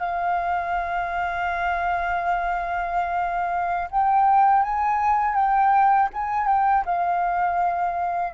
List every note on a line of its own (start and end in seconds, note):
0.00 3.89 F5
3.91 4.63 G5
4.63 5.35 G#5
5.35 6.09 G5
6.14 6.47 G#5
6.47 6.85 G5
6.86 8.34 F5